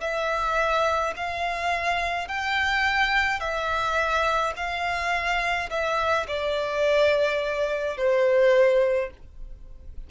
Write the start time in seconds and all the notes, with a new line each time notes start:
0.00 E5
1.16 F5
2.28 G5
3.40 E5
4.56 F5
5.70 E5
6.27 D5
7.97 C5